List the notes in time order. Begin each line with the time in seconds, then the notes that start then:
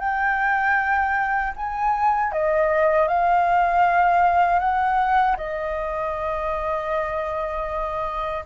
0.00 G5
1.57 G#5
2.33 D#5
3.08 F5
4.60 F#5
5.37 D#5